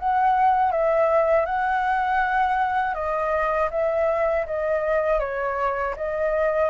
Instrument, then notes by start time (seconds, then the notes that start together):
flute
0.00 F#5
0.72 E5
1.46 F#5
2.95 D#5
3.72 E5
4.47 D#5
5.20 C#5
5.97 D#5